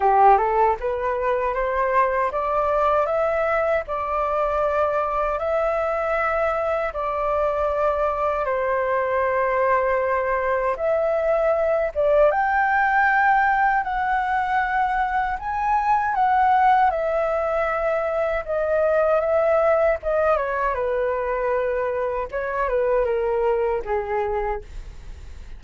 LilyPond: \new Staff \with { instrumentName = "flute" } { \time 4/4 \tempo 4 = 78 g'8 a'8 b'4 c''4 d''4 | e''4 d''2 e''4~ | e''4 d''2 c''4~ | c''2 e''4. d''8 |
g''2 fis''2 | gis''4 fis''4 e''2 | dis''4 e''4 dis''8 cis''8 b'4~ | b'4 cis''8 b'8 ais'4 gis'4 | }